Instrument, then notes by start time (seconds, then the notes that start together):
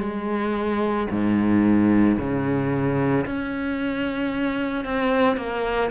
cello
0.00 G#3
1.11 G#2
2.19 C#3
3.26 C#4
4.85 C4
5.37 A#3